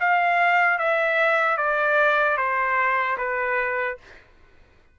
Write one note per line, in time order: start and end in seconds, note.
0.00 0.78 F5
0.78 1.57 E5
1.57 2.37 D5
2.37 3.17 C5
3.17 3.97 B4